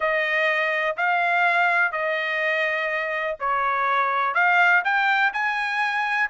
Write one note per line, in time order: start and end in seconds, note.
0.00 0.96 D#5
0.97 1.92 F5
1.92 3.37 D#5
3.39 4.34 C#5
4.34 4.82 F5
4.84 5.32 G5
5.33 6.29 G#5